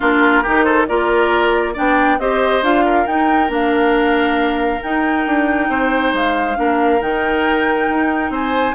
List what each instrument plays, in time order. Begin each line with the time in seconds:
0.00 bassoon A#3, clarinet D4, oboe F4, flute A#4
0.43 bassoon D#3, clarinet D#4, oboe G4
0.63 oboe A4, flute C5
0.87 bassoon A#3, clarinet F4, oboe A#4, flute D5
1.73 bassoon B3, clarinet D4, oboe D5, flute G5
2.19 bassoon C4, clarinet G4, oboe C5, flute D#5
2.62 bassoon D4, clarinet F4, flute F5
2.84 oboe A#4
3.06 bassoon D#4, clarinet D#4, flute G5
3.48 bassoon A#3, clarinet D4, flute F5
4.83 clarinet D#4, bassoon D#4, flute G5
5.26 bassoon D4
5.69 bassoon C4, oboe C5
6.13 bassoon G#3, flute F5
6.55 bassoon A#3, clarinet D4, oboe A#4
7.00 bassoon D#3, clarinet D#4, flute G5
7.89 bassoon D#4
8.29 bassoon C4, oboe C5, flute G#5